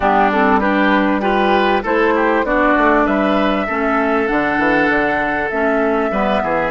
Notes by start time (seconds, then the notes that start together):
0.00 G3 B3 D4 G4
0.32 C4 A4
0.59 D4 G4 B4
1.20 F4 G4 B4
1.82 A3 E4 A4 C5
2.15 G4
2.43 B3 D4 F#4 D5
2.77 A3
3.05 G3 B4 E5
3.66 A3 C#4 A4
4.27 D3 D4 F#5
4.58 E3
4.89 D3
5.50 A3 C#4 E5
6.11 G3 B3 B4
6.42 E3 G#4